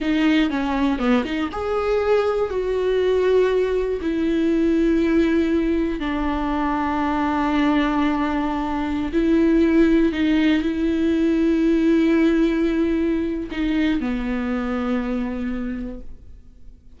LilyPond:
\new Staff \with { instrumentName = "viola" } { \time 4/4 \tempo 4 = 120 dis'4 cis'4 b8 dis'8 gis'4~ | gis'4 fis'2. | e'1 | d'1~ |
d'2~ d'16 e'4.~ e'16~ | e'16 dis'4 e'2~ e'8.~ | e'2. dis'4 | b1 | }